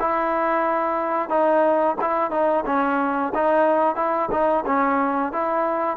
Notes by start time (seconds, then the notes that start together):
0.00 E4
1.30 D#4
2.02 E4
2.31 D#4
2.66 C#4
3.35 D#4
3.96 E4
4.32 D#4
4.66 C#4
5.33 E4